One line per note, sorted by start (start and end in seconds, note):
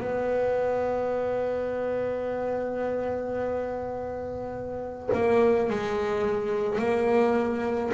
0.00 5.09 B3
5.13 5.70 A#3
5.70 6.78 G#3
6.78 7.91 A#3